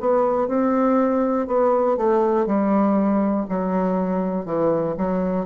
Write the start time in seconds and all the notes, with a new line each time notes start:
0.00 B3
0.47 C4
1.47 B3
1.97 A3
2.46 G3
3.49 F#3
4.45 E3
4.97 F#3